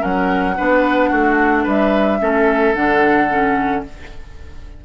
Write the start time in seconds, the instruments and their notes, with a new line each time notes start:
0.00 bassoon F#3, clarinet C#4, oboe A#4, flute F#5
0.57 bassoon B3, clarinet D4, oboe B4
1.10 bassoon A3, oboe F#4
1.64 bassoon G3, oboe B4, flute E5
2.20 bassoon A3, clarinet C#4, oboe A4
2.74 bassoon D3, clarinet D4, flute F#5
3.30 clarinet C#4